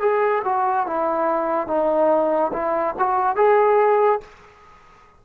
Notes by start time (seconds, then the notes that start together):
0.00 G#4
0.44 F#4
0.86 E4
1.67 D#4
2.53 E4
2.99 F#4
3.36 G#4